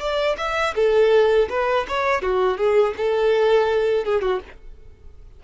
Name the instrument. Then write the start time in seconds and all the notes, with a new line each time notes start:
violin
0.00 D5
0.38 E5
0.75 A4
1.50 B4
1.89 C#5
2.22 F#4
2.58 G#4
2.97 A4
4.05 G#4
4.21 F#4